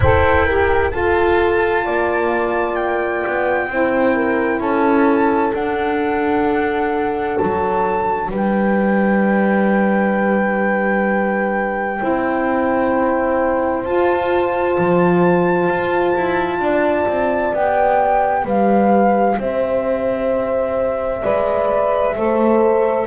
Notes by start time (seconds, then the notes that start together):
0.00 E4 A4 C5 G5
0.45 G4 A#4
0.91 F4 A4 A5
1.85 A#3 D5
2.75 G5
3.26 B3
3.67 C4 E4 C5
4.15 A#4
4.60 C#4 A4 A5
5.53 D4 F#5
7.37 F#3 A5
8.29 G3 B4
8.36 G5
11.99 C4 E4 C5
13.84 F4 A5
14.78 F3
15.68 F4
16.16 E4
16.59 D4 D5
17.07 C4
17.53 B3 G4 G5
18.43 G3 B4 F5
19.38 C4 C5 E5
21.22 G#3 B4 D5
22.16 A3 A4 C5